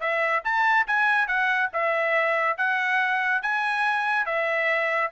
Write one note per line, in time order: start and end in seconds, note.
0.00 0.43 E5
0.44 0.87 A5
0.87 1.27 G#5
1.27 1.70 F#5
1.73 2.58 E5
2.58 3.42 F#5
3.42 4.26 G#5
4.26 5.11 E5